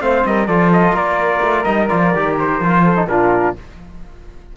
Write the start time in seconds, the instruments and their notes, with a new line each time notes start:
0.00 cello A3, trombone C4, flute C5, trumpet F5
0.25 cello G3, flute A#4, trumpet D#5
0.46 cello F3, trombone F4, flute A4, trumpet D5
0.72 trumpet D#5
0.93 cello A#3, flute A#4, trumpet D5
1.41 cello A3
1.64 cello G3, trombone D#4, trumpet D#5
1.89 cello F3, trombone F4, trumpet D5
2.14 cello D#3, trombone G4
2.39 trumpet C5
2.60 cello F3, trombone F4
2.85 flute A4
2.96 trombone D#4
3.05 cello A#2, trombone D4, flute F4, trumpet A#4